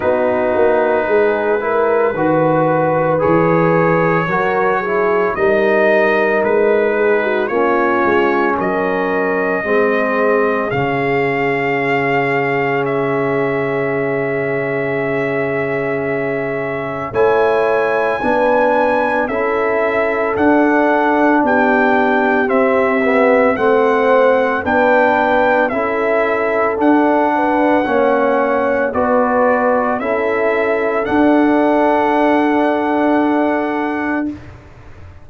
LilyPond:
<<
  \new Staff \with { instrumentName = "trumpet" } { \time 4/4 \tempo 4 = 56 b'2. cis''4~ | cis''4 dis''4 b'4 cis''4 | dis''2 f''2 | e''1 |
gis''2 e''4 fis''4 | g''4 e''4 fis''4 g''4 | e''4 fis''2 d''4 | e''4 fis''2. | }
  \new Staff \with { instrumentName = "horn" } { \time 4/4 fis'4 gis'8 ais'8 b'2 | ais'8 gis'8 ais'4. gis'16 fis'16 f'4 | ais'4 gis'2.~ | gis'1 |
cis''4 b'4 a'2 | g'2 c''4 b'4 | a'4. b'8 cis''4 b'4 | a'1 | }
  \new Staff \with { instrumentName = "trombone" } { \time 4/4 dis'4. e'8 fis'4 gis'4 | fis'8 e'8 dis'2 cis'4~ | cis'4 c'4 cis'2~ | cis'1 |
e'4 d'4 e'4 d'4~ | d'4 c'8 b8 c'4 d'4 | e'4 d'4 cis'4 fis'4 | e'4 d'2. | }
  \new Staff \with { instrumentName = "tuba" } { \time 4/4 b8 ais8 gis4 dis4 e4 | fis4 g4 gis4 ais8 gis8 | fis4 gis4 cis2~ | cis1 |
a4 b4 cis'4 d'4 | b4 c'4 a4 b4 | cis'4 d'4 ais4 b4 | cis'4 d'2. | }
>>